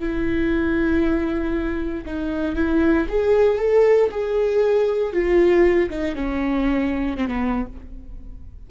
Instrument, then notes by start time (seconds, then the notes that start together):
viola
0.00 E4
2.06 D#4
2.56 E4
3.09 G#4
3.59 A4
4.11 G#4
5.13 F4
5.90 D#4
6.16 C#4
7.17 C4
7.28 B3